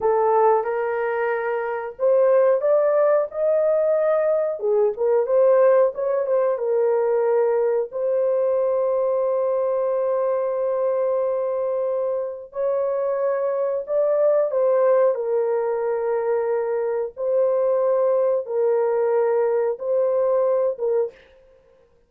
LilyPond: \new Staff \with { instrumentName = "horn" } { \time 4/4 \tempo 4 = 91 a'4 ais'2 c''4 | d''4 dis''2 gis'8 ais'8 | c''4 cis''8 c''8 ais'2 | c''1~ |
c''2. cis''4~ | cis''4 d''4 c''4 ais'4~ | ais'2 c''2 | ais'2 c''4. ais'8 | }